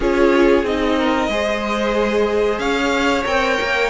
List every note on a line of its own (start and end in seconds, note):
0.00 0.63 C#4
0.00 0.65 F4
0.00 0.98 G#4
0.00 0.65 C#5
0.63 1.28 C4
0.63 1.30 D#4
0.63 2.59 D#5
0.98 1.30 A#4
1.28 2.59 G#3
1.28 3.25 G#4
1.28 2.61 C5
2.59 3.24 C#4
2.59 3.90 C#5
2.59 3.24 F5
3.25 3.58 C4
3.25 3.90 A#4
3.25 3.90 G5
3.60 3.90 A#3